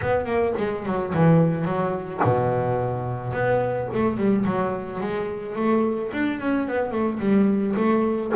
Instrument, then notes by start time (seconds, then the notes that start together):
double bass
0.01 B3
0.25 A#3
0.57 G#3
0.85 F#3
1.14 E3
1.65 F#3
2.23 B2
3.32 B3
3.93 A3
4.17 G3
4.45 F#3
5.00 G#3
5.55 A3
6.12 D4
6.40 C#4
6.67 B3
6.91 A3
7.19 G3
7.76 A3